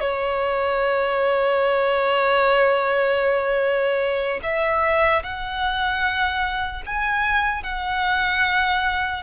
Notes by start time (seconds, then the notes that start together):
0.00 C#5
4.43 E5
5.23 F#5
6.86 G#5
7.63 F#5